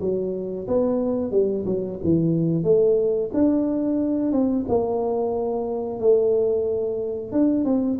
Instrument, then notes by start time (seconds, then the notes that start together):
tuba
0.00 F#3
0.67 B3
1.31 G3
1.65 F#3
2.03 E3
2.63 A3
3.33 D4
4.32 C4
4.68 A#3
5.99 A3
7.32 D4
7.65 C4